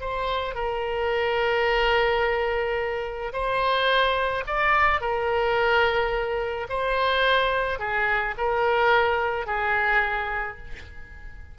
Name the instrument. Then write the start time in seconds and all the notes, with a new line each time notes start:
oboe
0.00 C5
0.54 A#4
3.33 C5
4.46 D5
5.00 A#4
6.69 C5
7.79 G#4
8.37 A#4
9.46 G#4